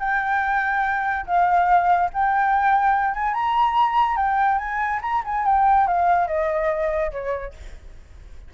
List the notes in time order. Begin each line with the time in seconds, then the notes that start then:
0.00 G5
1.26 F5
2.14 G5
3.14 G#5
3.34 A#5
4.17 G5
4.58 G#5
5.02 A#5
5.25 G#5
5.46 G5
5.88 F5
6.28 D#5
7.12 C#5